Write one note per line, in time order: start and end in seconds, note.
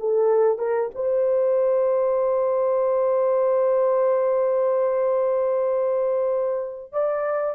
0.00 0.59 A4
0.59 0.90 A#4
0.95 6.93 C5
6.93 7.56 D5